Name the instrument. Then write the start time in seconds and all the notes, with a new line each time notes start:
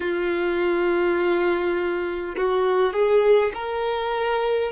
violin
0.00 F4
2.36 F#4
2.93 G#4
3.53 A#4